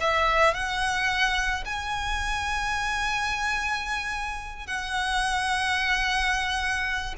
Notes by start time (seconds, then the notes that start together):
0.00 E5
0.54 F#5
1.65 G#5
4.66 F#5